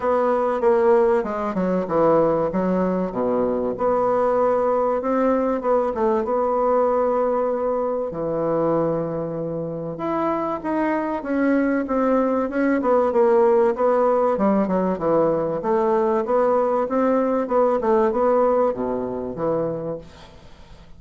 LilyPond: \new Staff \with { instrumentName = "bassoon" } { \time 4/4 \tempo 4 = 96 b4 ais4 gis8 fis8 e4 | fis4 b,4 b2 | c'4 b8 a8 b2~ | b4 e2. |
e'4 dis'4 cis'4 c'4 | cis'8 b8 ais4 b4 g8 fis8 | e4 a4 b4 c'4 | b8 a8 b4 b,4 e4 | }